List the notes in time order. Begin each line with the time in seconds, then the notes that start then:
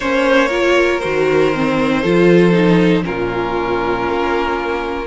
0.00 A#3 C#4 C5 C#5
0.47 F4 A#4
1.00 D#3 F#4 C5
1.54 C4
2.01 F3 F4 A4
2.52 D#4
3.03 A#2 C#4 F4 A#4
4.08 A#3